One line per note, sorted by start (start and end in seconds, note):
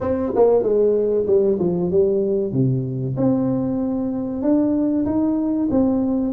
0.00 0.32 C4
0.35 0.62 A#3
0.62 1.25 G#3
1.26 1.58 G3
1.59 1.90 F3
1.90 2.52 G3
2.52 3.15 C3
3.16 4.42 C4
4.42 5.05 D4
5.05 5.68 D#4
5.70 6.33 C4